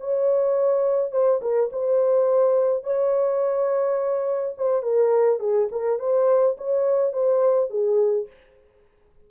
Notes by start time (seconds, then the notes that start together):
0.00 C#5
1.12 C5
1.42 A#4
1.72 C5
2.84 C#5
4.58 C5
4.83 A#4
5.40 G#4
5.72 A#4
5.99 C5
6.57 C#5
7.13 C5
7.70 G#4